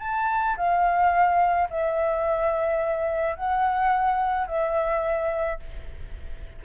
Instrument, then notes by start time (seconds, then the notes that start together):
flute
0.00 A5
0.57 F5
1.70 E5
3.36 F#5
4.48 E5